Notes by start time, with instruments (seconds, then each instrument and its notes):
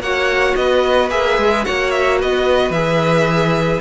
0.00 cello A#3, viola F#4, violin C#5 F#5
0.56 cello B3, violin B4 D#5
1.10 cello A#3, viola G#4, violin E5
1.38 cello G#3
1.64 cello A#3, viola F#4, violin C#5 F#5
1.91 violin E5
2.19 cello B3, violin B4 D#5
2.70 cello E3, viola G#4, violin E5